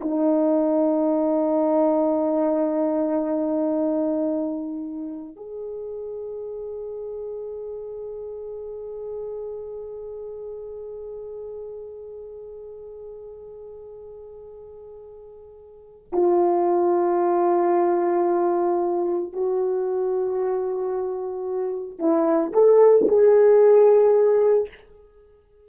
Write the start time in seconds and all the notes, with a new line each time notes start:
0.00 D#4
5.36 G#4
16.12 F4
19.32 F#4
21.98 E4
22.52 A4
23.07 G#4